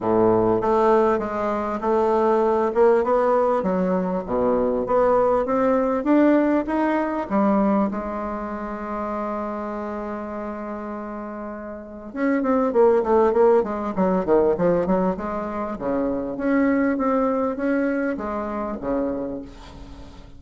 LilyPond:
\new Staff \with { instrumentName = "bassoon" } { \time 4/4 \tempo 4 = 99 a,4 a4 gis4 a4~ | a8 ais8 b4 fis4 b,4 | b4 c'4 d'4 dis'4 | g4 gis2.~ |
gis1 | cis'8 c'8 ais8 a8 ais8 gis8 fis8 dis8 | f8 fis8 gis4 cis4 cis'4 | c'4 cis'4 gis4 cis4 | }